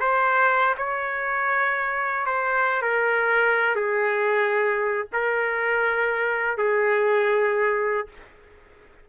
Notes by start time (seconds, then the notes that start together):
0.00 C5
0.78 C#5
2.26 C5
2.82 A#4
3.76 G#4
5.13 A#4
6.58 G#4